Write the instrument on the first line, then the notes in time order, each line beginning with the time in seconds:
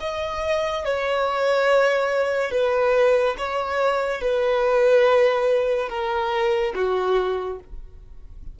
violin
0.00 D#5
0.85 C#5
2.51 B4
3.38 C#5
4.21 B4
5.88 A#4
6.75 F#4